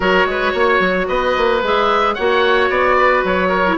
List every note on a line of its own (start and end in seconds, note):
0.00 0.25 F#3
0.00 1.60 F#4
0.00 0.26 A#4
0.00 1.07 C#5
0.25 0.52 G#3
0.25 0.52 B4
0.52 0.79 A#3
0.52 1.06 C#5
0.79 1.06 F#3
1.07 1.36 B3
1.07 2.15 B4
1.07 1.61 D#5
1.36 1.62 A#3
1.62 2.16 G#3
1.62 2.17 G#4
1.62 2.14 E5
2.14 2.69 A#3
2.14 3.66 F#4
2.14 2.96 C#5
2.14 2.68 F#5
2.69 3.23 B3
2.69 3.24 D5
2.97 3.48 B4
3.24 3.77 F#3
3.24 3.77 C#5
3.48 3.75 A#4
3.66 3.77 E4